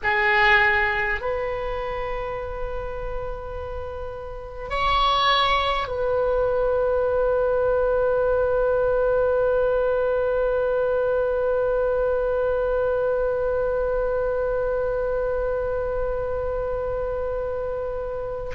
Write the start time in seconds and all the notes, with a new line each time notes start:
0.03 G#4
1.20 B4
4.70 C#5
5.87 B4